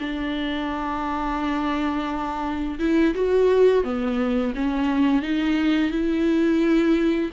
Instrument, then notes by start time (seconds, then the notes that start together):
viola
0.00 D4
2.80 E4
3.15 F#4
3.84 B3
4.56 C#4
5.23 D#4
5.91 E4